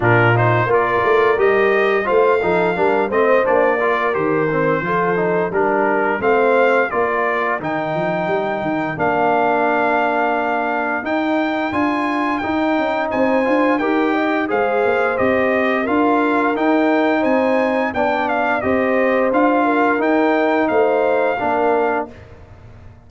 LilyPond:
<<
  \new Staff \with { instrumentName = "trumpet" } { \time 4/4 \tempo 4 = 87 ais'8 c''8 d''4 dis''4 f''4~ | f''8 dis''8 d''4 c''2 | ais'4 f''4 d''4 g''4~ | g''4 f''2. |
g''4 gis''4 g''4 gis''4 | g''4 f''4 dis''4 f''4 | g''4 gis''4 g''8 f''8 dis''4 | f''4 g''4 f''2 | }
  \new Staff \with { instrumentName = "horn" } { \time 4/4 f'4 ais'2 c''8 a'8 | ais'8 c''4 ais'4. a'4 | ais'4 c''4 ais'2~ | ais'1~ |
ais'2. c''4 | ais'8 dis''8 c''2 ais'4~ | ais'4 c''4 d''4 c''4~ | c''8 ais'4. c''4 ais'4 | }
  \new Staff \with { instrumentName = "trombone" } { \time 4/4 d'8 dis'8 f'4 g'4 f'8 dis'8 | d'8 c'8 d'8 f'8 g'8 c'8 f'8 dis'8 | d'4 c'4 f'4 dis'4~ | dis'4 d'2. |
dis'4 f'4 dis'4. f'8 | g'4 gis'4 g'4 f'4 | dis'2 d'4 g'4 | f'4 dis'2 d'4 | }
  \new Staff \with { instrumentName = "tuba" } { \time 4/4 ais,4 ais8 a8 g4 a8 f8 | g8 a8 ais4 dis4 f4 | g4 a4 ais4 dis8 f8 | g8 dis8 ais2. |
dis'4 d'4 dis'8 cis'8 c'8 d'8 | dis'4 gis8 ais8 c'4 d'4 | dis'4 c'4 b4 c'4 | d'4 dis'4 a4 ais4 | }
>>